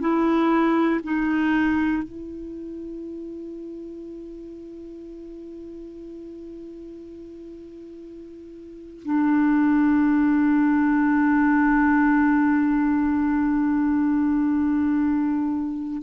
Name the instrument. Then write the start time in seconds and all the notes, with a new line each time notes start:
clarinet
0.00 E4
1.03 D#4
2.03 E4
9.04 D4